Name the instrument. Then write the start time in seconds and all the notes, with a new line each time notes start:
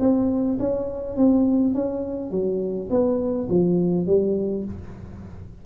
tuba
0.00 C4
0.59 C#4
1.17 C4
1.74 C#4
2.31 F#3
2.90 B3
3.50 F3
4.06 G3